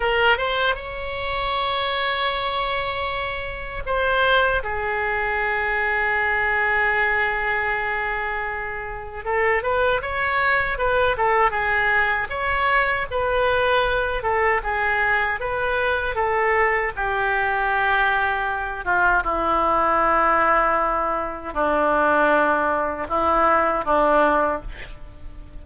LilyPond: \new Staff \with { instrumentName = "oboe" } { \time 4/4 \tempo 4 = 78 ais'8 c''8 cis''2.~ | cis''4 c''4 gis'2~ | gis'1 | a'8 b'8 cis''4 b'8 a'8 gis'4 |
cis''4 b'4. a'8 gis'4 | b'4 a'4 g'2~ | g'8 f'8 e'2. | d'2 e'4 d'4 | }